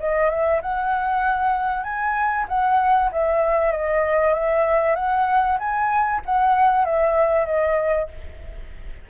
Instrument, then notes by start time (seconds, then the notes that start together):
flute
0.00 D#5
0.30 E5
0.62 F#5
1.84 G#5
2.49 F#5
3.12 E5
3.72 D#5
4.34 E5
4.96 F#5
5.59 G#5
6.26 F#5
6.85 E5
7.46 D#5